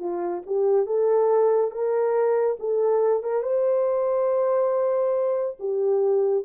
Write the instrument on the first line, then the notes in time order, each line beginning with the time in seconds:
horn
0.00 F4
0.47 G4
0.86 A4
1.71 A#4
2.60 A4
3.23 A#4
3.43 C5
5.60 G4